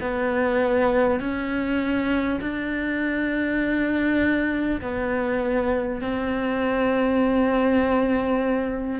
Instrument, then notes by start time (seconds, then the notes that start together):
cello
0.00 B3
1.20 C#4
2.40 D4
4.81 B3
6.01 C4